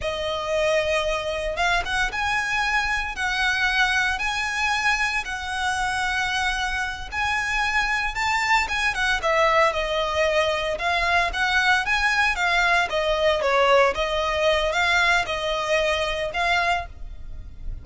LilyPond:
\new Staff \with { instrumentName = "violin" } { \time 4/4 \tempo 4 = 114 dis''2. f''8 fis''8 | gis''2 fis''2 | gis''2 fis''2~ | fis''4. gis''2 a''8~ |
a''8 gis''8 fis''8 e''4 dis''4.~ | dis''8 f''4 fis''4 gis''4 f''8~ | f''8 dis''4 cis''4 dis''4. | f''4 dis''2 f''4 | }